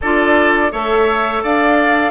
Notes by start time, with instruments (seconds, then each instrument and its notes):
0.01 bassoon D4, clarinet F4, oboe A4, flute D5
0.71 bassoon A3, clarinet A4, oboe C#5, flute E5
1.43 bassoon D4, oboe D5, flute F5